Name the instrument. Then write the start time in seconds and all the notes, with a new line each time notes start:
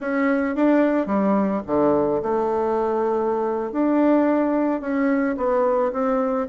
bassoon
0.00 C#4
0.55 D4
1.06 G3
1.67 D3
2.22 A3
3.72 D4
4.80 C#4
5.37 B3
5.92 C4